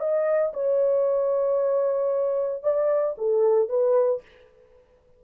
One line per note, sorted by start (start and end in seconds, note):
0.00 0.53 D#5
0.54 2.64 C#5
2.64 3.16 D5
3.18 3.69 A4
3.69 4.22 B4